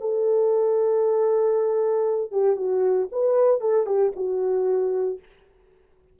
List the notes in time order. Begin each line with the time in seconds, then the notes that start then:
0.00 A4
2.32 G4
2.56 F#4
3.12 B4
3.61 A4
3.86 G4
4.16 F#4